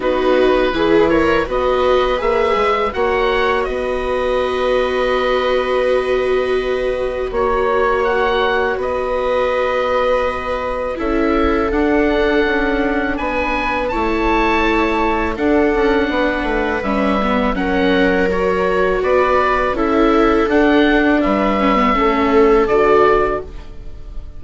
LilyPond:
<<
  \new Staff \with { instrumentName = "oboe" } { \time 4/4 \tempo 4 = 82 b'4. cis''8 dis''4 e''4 | fis''4 dis''2.~ | dis''2 cis''4 fis''4 | dis''2. e''4 |
fis''2 gis''4 a''4~ | a''4 fis''2 e''4 | fis''4 cis''4 d''4 e''4 | fis''4 e''2 d''4 | }
  \new Staff \with { instrumentName = "viola" } { \time 4/4 fis'4 gis'8 ais'8 b'2 | cis''4 b'2.~ | b'2 cis''2 | b'2. a'4~ |
a'2 b'4 cis''4~ | cis''4 a'4 b'2 | ais'2 b'4 a'4~ | a'4 b'4 a'2 | }
  \new Staff \with { instrumentName = "viola" } { \time 4/4 dis'4 e'4 fis'4 gis'4 | fis'1~ | fis'1~ | fis'2. e'4 |
d'2. e'4~ | e'4 d'2 cis'8 b8 | cis'4 fis'2 e'4 | d'4. cis'16 b16 cis'4 fis'4 | }
  \new Staff \with { instrumentName = "bassoon" } { \time 4/4 b4 e4 b4 ais8 gis8 | ais4 b2.~ | b2 ais2 | b2. cis'4 |
d'4 cis'4 b4 a4~ | a4 d'8 cis'8 b8 a8 g4 | fis2 b4 cis'4 | d'4 g4 a4 d4 | }
>>